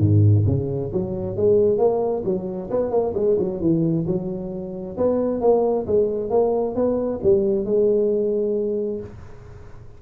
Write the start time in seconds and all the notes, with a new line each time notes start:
0.00 G#2
0.47 C#3
0.93 F#3
1.37 G#3
1.78 A#3
2.25 F#3
2.71 B3
2.91 A#3
3.15 G#3
3.39 F#3
3.61 E3
4.07 F#3
4.97 B3
5.41 A#3
5.87 G#3
6.30 A#3
6.75 B3
7.24 G3
7.65 G#3